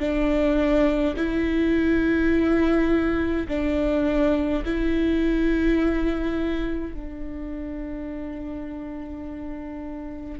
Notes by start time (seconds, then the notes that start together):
0.00 D4
1.17 E4
3.48 D4
4.65 E4
6.94 D4